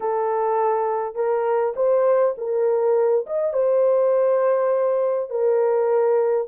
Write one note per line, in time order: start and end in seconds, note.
0.00 1.15 A4
1.15 1.74 A#4
1.75 2.34 C5
2.37 3.25 A#4
3.26 3.53 D#5
3.53 5.29 C5
5.29 6.47 A#4